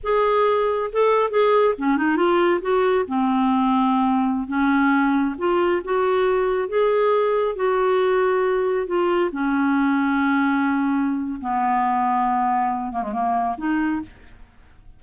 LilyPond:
\new Staff \with { instrumentName = "clarinet" } { \time 4/4 \tempo 4 = 137 gis'2 a'4 gis'4 | cis'8 dis'8 f'4 fis'4 c'4~ | c'2~ c'16 cis'4.~ cis'16~ | cis'16 f'4 fis'2 gis'8.~ |
gis'4~ gis'16 fis'2~ fis'8.~ | fis'16 f'4 cis'2~ cis'8.~ | cis'2 b2~ | b4. ais16 gis16 ais4 dis'4 | }